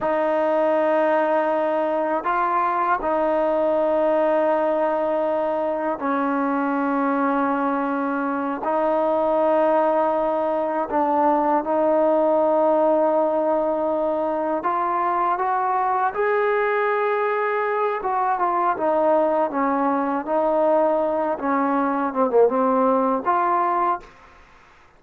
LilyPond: \new Staff \with { instrumentName = "trombone" } { \time 4/4 \tempo 4 = 80 dis'2. f'4 | dis'1 | cis'2.~ cis'8 dis'8~ | dis'2~ dis'8 d'4 dis'8~ |
dis'2.~ dis'8 f'8~ | f'8 fis'4 gis'2~ gis'8 | fis'8 f'8 dis'4 cis'4 dis'4~ | dis'8 cis'4 c'16 ais16 c'4 f'4 | }